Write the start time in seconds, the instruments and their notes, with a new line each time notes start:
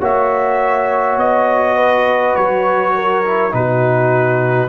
0.00 tuba A#3, trombone F#4, horn C#5, trumpet E5
1.17 tuba B3, trumpet D#5
1.76 horn B4
2.36 tuba F#3, trumpet C#5
2.95 horn A#4
3.25 trombone E4
3.51 tuba B2, trombone D#4, horn F#4, trumpet B4